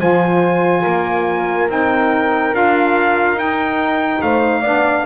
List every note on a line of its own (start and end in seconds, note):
0.00 0.85 F3
0.00 1.69 F4
0.00 0.83 C5
0.00 1.70 G#5
0.83 1.69 A#3
0.83 4.21 A#4
1.69 2.54 C4
1.69 2.54 D#4
1.69 2.55 G5
2.54 3.33 D4
2.54 3.37 F4
2.54 3.39 F5
3.33 4.18 D#4
3.33 4.63 D#4
3.39 4.22 G5
4.22 4.63 A3
4.22 4.61 C5
4.22 5.06 F5
4.61 5.05 B3
4.61 5.06 D4
4.61 5.04 D5